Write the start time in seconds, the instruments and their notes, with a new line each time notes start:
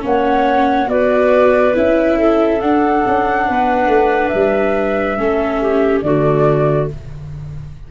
0.00 tuba A#3, viola C#4, clarinet C#5, flute F#5
0.87 tuba B3, viola F#4, clarinet B4, flute D5
1.74 tuba C#4, viola E4, flute E5
2.18 clarinet A4
2.60 viola D4, tuba D4, flute F#5
3.06 tuba C#4
3.47 tuba B3, clarinet B4
3.87 tuba A3
4.28 tuba G3, flute E5
5.17 tuba A3, viola C#4, clarinet A4
5.61 clarinet G4
6.02 tuba D3, viola A3, clarinet F#4, flute D5